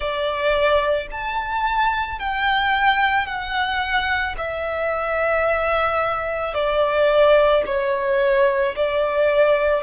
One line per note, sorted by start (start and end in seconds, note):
0.00 1.07 D5
1.11 2.19 A5
2.19 3.26 G5
3.26 4.35 F#5
4.37 6.54 E5
6.54 7.63 D5
7.66 8.75 C#5
8.76 9.83 D5